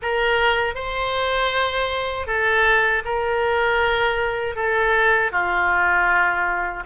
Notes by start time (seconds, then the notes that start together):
0.02 A#4
0.74 C5
2.26 A4
3.04 A#4
4.55 A4
5.31 F4